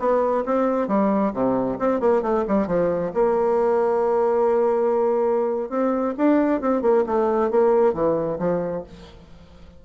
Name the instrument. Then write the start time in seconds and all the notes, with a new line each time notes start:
bassoon
0.00 B3
0.46 C4
0.89 G3
1.34 C3
1.80 C4
2.01 A#3
2.23 A3
2.48 G3
2.67 F3
3.14 A#3
5.70 C4
6.18 D4
6.62 C4
6.82 A#3
7.07 A3
7.51 A#3
7.94 E3
8.39 F3